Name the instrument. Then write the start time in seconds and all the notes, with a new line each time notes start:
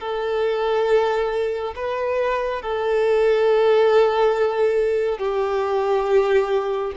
violin
0.00 A4
1.75 B4
2.62 A4
5.18 G4